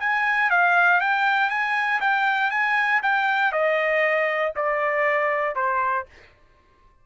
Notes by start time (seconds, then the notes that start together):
0.00 G#5
0.50 F5
1.01 G5
1.50 G#5
2.01 G5
2.51 G#5
3.03 G5
3.52 D#5
4.56 D5
5.56 C5